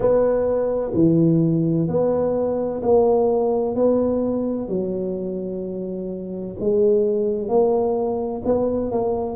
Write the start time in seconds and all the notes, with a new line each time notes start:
0.00 B3
0.94 E3
1.87 B3
2.82 A#3
3.75 B3
4.68 F#3
6.60 G#3
7.48 A#3
8.44 B3
8.91 A#3